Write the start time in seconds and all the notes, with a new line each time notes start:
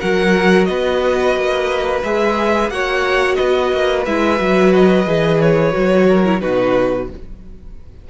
0.00 F#3 F#4 A#4 F#5
0.65 B3 B4 D#5
1.36 A#3
2.03 G#3 G#4 E5
2.70 A#3 F#4 C#5 F#5
3.35 B3 B4 D#5
3.73 A#3
4.06 G#3 E4 E5
4.38 F#3 F#4
4.75 D#5
5.06 E3 G#4
5.41 C#5
5.72 F#3 F#4
6.09 A#4
6.25 E4
6.40 B2 D#4 F#4 B4